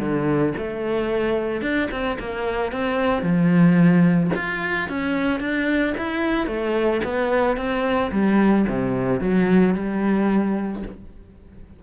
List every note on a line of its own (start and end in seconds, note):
0.00 0.54 D3
0.58 1.62 A3
1.62 1.89 D4
1.91 2.18 C4
2.20 2.72 A#3
2.72 3.23 C4
3.23 4.31 F3
4.35 4.89 F4
4.89 5.41 C#4
5.41 5.95 D4
5.98 6.47 E4
6.47 7.01 A3
7.04 7.57 B3
7.57 8.11 C4
8.12 8.66 G3
8.69 9.21 C3
9.21 9.75 F#3
9.75 10.83 G3